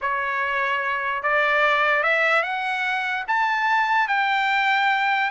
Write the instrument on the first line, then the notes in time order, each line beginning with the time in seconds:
trumpet
0.01 C#5
1.22 D5
2.03 E5
2.42 F#5
3.27 A5
4.08 G5